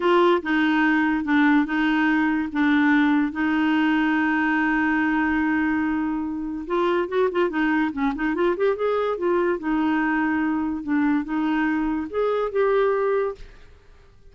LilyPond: \new Staff \with { instrumentName = "clarinet" } { \time 4/4 \tempo 4 = 144 f'4 dis'2 d'4 | dis'2 d'2 | dis'1~ | dis'1 |
f'4 fis'8 f'8 dis'4 cis'8 dis'8 | f'8 g'8 gis'4 f'4 dis'4~ | dis'2 d'4 dis'4~ | dis'4 gis'4 g'2 | }